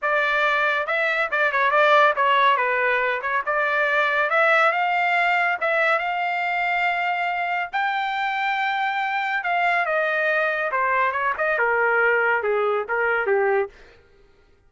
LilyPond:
\new Staff \with { instrumentName = "trumpet" } { \time 4/4 \tempo 4 = 140 d''2 e''4 d''8 cis''8 | d''4 cis''4 b'4. cis''8 | d''2 e''4 f''4~ | f''4 e''4 f''2~ |
f''2 g''2~ | g''2 f''4 dis''4~ | dis''4 c''4 cis''8 dis''8 ais'4~ | ais'4 gis'4 ais'4 g'4 | }